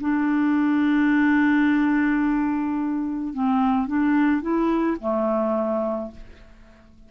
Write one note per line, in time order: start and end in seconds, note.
0.00 3.33 D4
3.34 3.87 C4
3.87 4.41 D4
4.41 4.97 E4
5.00 6.11 A3